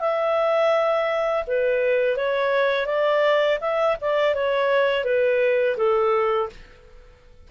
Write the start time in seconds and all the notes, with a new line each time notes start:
0.00 E5
1.47 B4
2.17 C#5
2.87 D5
3.61 E5
4.01 D5
4.35 C#5
5.04 B4
5.77 A4